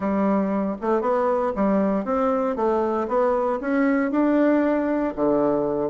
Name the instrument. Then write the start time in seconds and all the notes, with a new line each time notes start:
bassoon
0.00 G3
0.81 A3
1.01 B3
1.55 G3
2.04 C4
2.56 A3
3.08 B3
3.60 C#4
4.11 D4
5.15 D3